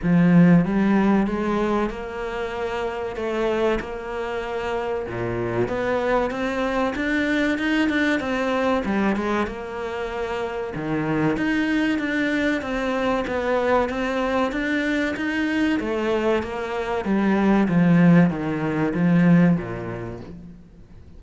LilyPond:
\new Staff \with { instrumentName = "cello" } { \time 4/4 \tempo 4 = 95 f4 g4 gis4 ais4~ | ais4 a4 ais2 | ais,4 b4 c'4 d'4 | dis'8 d'8 c'4 g8 gis8 ais4~ |
ais4 dis4 dis'4 d'4 | c'4 b4 c'4 d'4 | dis'4 a4 ais4 g4 | f4 dis4 f4 ais,4 | }